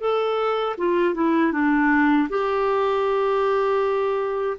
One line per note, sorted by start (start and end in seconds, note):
0.00 0.76 A4
0.78 1.15 F4
1.15 1.52 E4
1.52 2.28 D4
2.29 4.57 G4